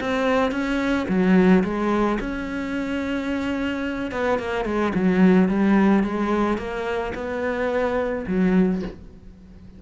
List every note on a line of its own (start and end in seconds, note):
0.00 0.52 C4
0.52 1.07 C#4
1.08 1.63 F#3
1.64 2.19 G#3
2.20 4.11 C#4
4.11 4.39 B3
4.39 4.65 A#3
4.65 4.92 G#3
4.95 5.48 F#3
5.48 6.03 G3
6.03 6.58 G#3
6.58 7.13 A#3
7.15 8.25 B3
8.27 8.82 F#3